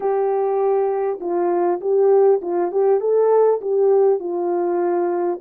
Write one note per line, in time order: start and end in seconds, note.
0.00 1.19 G4
1.20 1.80 F4
1.80 2.40 G4
2.41 2.71 F4
2.71 3.00 G4
3.00 3.60 A4
3.61 4.19 G4
4.19 5.39 F4